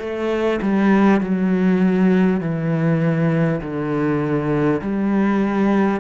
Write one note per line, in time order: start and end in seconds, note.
0.00 0.60 A3
0.62 1.21 G3
1.21 2.41 F#3
2.41 3.61 E3
3.62 4.82 D3
4.82 6.01 G3